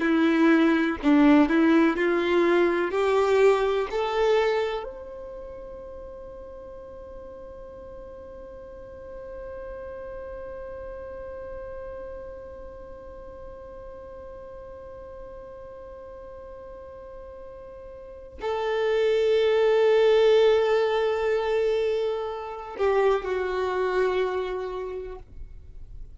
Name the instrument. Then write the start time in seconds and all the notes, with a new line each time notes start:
violin
0.00 E4
1.03 D4
1.49 E4
1.97 F4
2.91 G4
3.91 A4
4.84 C5
18.41 A4
22.78 G4
23.25 F#4